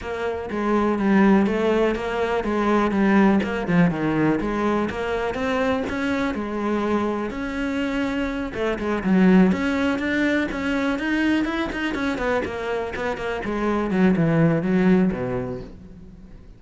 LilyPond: \new Staff \with { instrumentName = "cello" } { \time 4/4 \tempo 4 = 123 ais4 gis4 g4 a4 | ais4 gis4 g4 ais8 f8 | dis4 gis4 ais4 c'4 | cis'4 gis2 cis'4~ |
cis'4. a8 gis8 fis4 cis'8~ | cis'8 d'4 cis'4 dis'4 e'8 | dis'8 cis'8 b8 ais4 b8 ais8 gis8~ | gis8 fis8 e4 fis4 b,4 | }